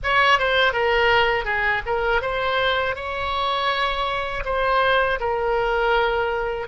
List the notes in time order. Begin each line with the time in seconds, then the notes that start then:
0.03 C#5
0.38 C5
0.72 A#4
1.44 G#4
1.86 A#4
2.21 C5
2.95 C#5
4.44 C5
5.20 A#4